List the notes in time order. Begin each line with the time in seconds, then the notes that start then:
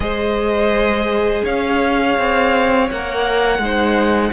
0.00 G#3 G#4 C5 D#5
1.43 C#4 C#5 F5
2.18 C4
2.89 A#3 A#4 F#5
3.58 G#3 D#4 C5